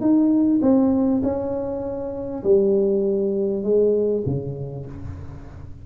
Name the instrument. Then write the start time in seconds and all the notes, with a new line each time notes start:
tuba
0.00 D#4
0.61 C4
1.22 C#4
2.43 G3
3.63 G#3
4.25 C#3